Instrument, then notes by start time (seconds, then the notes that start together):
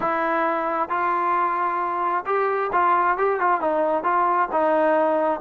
trombone
0.00 E4
0.89 F4
2.26 G4
2.72 F4
3.17 G4
3.40 F4
3.60 D#4
4.03 F4
4.51 D#4